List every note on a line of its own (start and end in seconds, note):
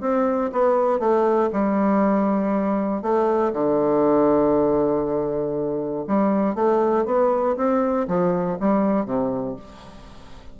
0.00 0.50 C4
0.52 0.99 B3
0.99 1.49 A3
1.52 3.02 G3
3.02 3.52 A3
3.52 6.05 D3
6.07 6.55 G3
6.55 7.05 A3
7.05 7.56 B3
7.56 8.07 C4
8.07 8.58 F3
8.60 9.05 G3
9.05 9.55 C3